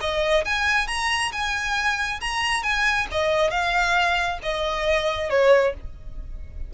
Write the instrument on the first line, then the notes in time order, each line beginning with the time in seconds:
violin
0.00 D#5
0.45 G#5
0.87 A#5
1.32 G#5
2.20 A#5
2.62 G#5
3.11 D#5
3.50 F5
4.42 D#5
5.29 C#5